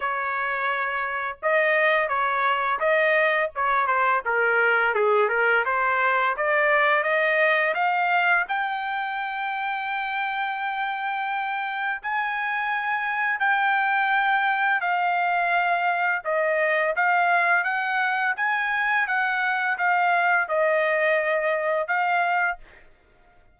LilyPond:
\new Staff \with { instrumentName = "trumpet" } { \time 4/4 \tempo 4 = 85 cis''2 dis''4 cis''4 | dis''4 cis''8 c''8 ais'4 gis'8 ais'8 | c''4 d''4 dis''4 f''4 | g''1~ |
g''4 gis''2 g''4~ | g''4 f''2 dis''4 | f''4 fis''4 gis''4 fis''4 | f''4 dis''2 f''4 | }